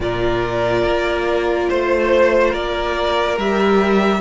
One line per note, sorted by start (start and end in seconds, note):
0.00 0.83 A#2
0.00 3.39 F4
0.00 1.69 A#4
0.00 1.70 D5
0.84 1.68 A#3
1.69 2.54 A3
1.69 2.50 C5
1.69 2.54 C5
2.50 3.37 A#3
2.50 4.19 A#4
2.50 3.38 D5
3.37 4.20 G3
3.37 4.20 G4
3.37 4.20 E5